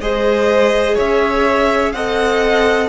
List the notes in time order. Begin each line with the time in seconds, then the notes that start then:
0.00 G#3 G#4 C5 D#5
0.95 C#4 C#5 E5
1.92 C4 A4 D#5 F#5